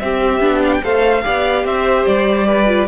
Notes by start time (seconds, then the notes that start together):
0.00 C4 G4 E5
0.40 B3 D4
0.65 F5
0.74 G5
0.83 A3 A4 C5 F5
1.24 B3 G4 D5
1.64 C4 C5 E5
2.06 G3 D5
2.47 B4
2.67 F4